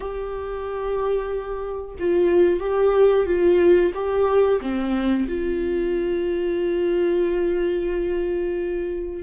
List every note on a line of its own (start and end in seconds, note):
0.00 1.95 G4
1.99 2.60 F4
2.60 3.25 G4
3.26 3.92 F4
3.94 4.60 G4
4.61 5.27 C4
5.27 9.22 F4